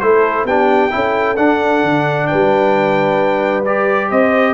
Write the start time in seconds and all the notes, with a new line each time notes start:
0.00 A3 E4 A4 C5
0.44 B3 D4 G4 G5
0.91 C#4 E4 A4
1.36 D4 F#5
1.84 D3
2.27 B4 G5
2.34 G3
3.65 G4 D5
4.09 C4 C5 D#5